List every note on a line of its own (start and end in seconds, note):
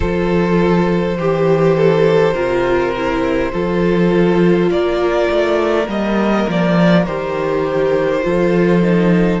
0.00 1.18 F3
0.00 1.17 F4
0.00 1.18 A4
0.00 4.70 C5
1.17 2.34 E3
1.17 2.34 G4
1.17 1.76 G4
1.76 2.34 A4
2.34 3.52 C3
2.34 2.93 F4
2.34 3.51 A#4
2.97 3.53 E4
3.52 4.70 F3
3.52 5.86 F4
3.52 4.70 A4
4.70 5.28 A#3
4.70 8.25 A#4
4.70 5.87 D5
5.30 5.87 A3
5.86 6.46 G3
5.86 7.03 A#3
5.86 6.49 D#5
6.48 7.06 F3
6.48 7.06 D5
7.06 8.24 D#3
7.06 8.22 G4
7.06 9.40 C5
8.22 9.40 F3
8.22 8.81 F4
8.22 9.40 A4
8.82 9.40 D#4